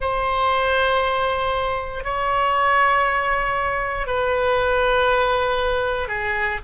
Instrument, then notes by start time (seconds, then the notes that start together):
oboe
0.00 C5
2.03 C#5
4.06 B4
6.07 G#4